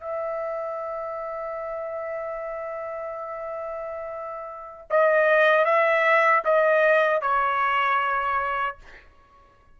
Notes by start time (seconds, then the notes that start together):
0.00 E5
4.90 D#5
5.65 E5
6.45 D#5
7.21 C#5